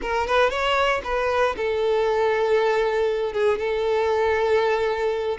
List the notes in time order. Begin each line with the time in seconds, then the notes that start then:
0.01 A#4
0.27 B4
0.49 C#5
1.04 B4
1.56 A4
3.32 G#4
3.58 A4